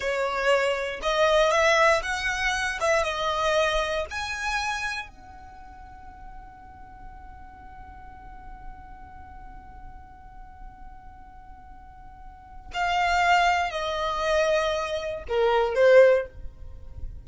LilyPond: \new Staff \with { instrumentName = "violin" } { \time 4/4 \tempo 4 = 118 cis''2 dis''4 e''4 | fis''4. e''8 dis''2 | gis''2 fis''2~ | fis''1~ |
fis''1~ | fis''1~ | fis''4 f''2 dis''4~ | dis''2 ais'4 c''4 | }